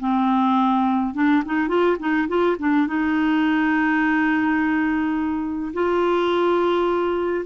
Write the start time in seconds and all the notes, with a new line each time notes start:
0.00 C4
1.15 D4
1.45 D#4
1.69 F4
1.99 D#4
2.28 F4
2.59 D4
2.87 D#4
5.74 F4